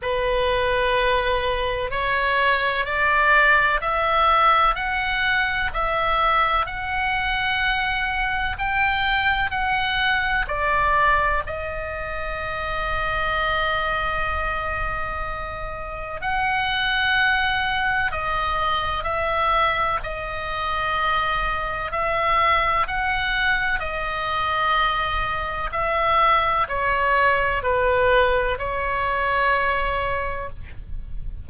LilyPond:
\new Staff \with { instrumentName = "oboe" } { \time 4/4 \tempo 4 = 63 b'2 cis''4 d''4 | e''4 fis''4 e''4 fis''4~ | fis''4 g''4 fis''4 d''4 | dis''1~ |
dis''4 fis''2 dis''4 | e''4 dis''2 e''4 | fis''4 dis''2 e''4 | cis''4 b'4 cis''2 | }